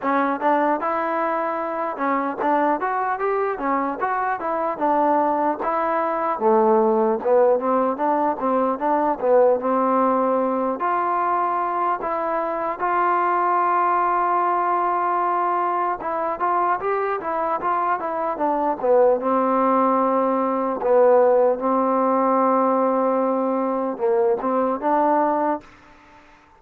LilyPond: \new Staff \with { instrumentName = "trombone" } { \time 4/4 \tempo 4 = 75 cis'8 d'8 e'4. cis'8 d'8 fis'8 | g'8 cis'8 fis'8 e'8 d'4 e'4 | a4 b8 c'8 d'8 c'8 d'8 b8 | c'4. f'4. e'4 |
f'1 | e'8 f'8 g'8 e'8 f'8 e'8 d'8 b8 | c'2 b4 c'4~ | c'2 ais8 c'8 d'4 | }